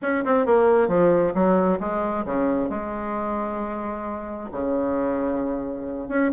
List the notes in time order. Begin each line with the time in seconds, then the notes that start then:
0.02 C#4
0.24 C4
0.46 A#3
0.88 F3
1.34 F#3
1.79 G#3
2.25 C#3
2.69 G#3
4.51 C#3
6.08 C#4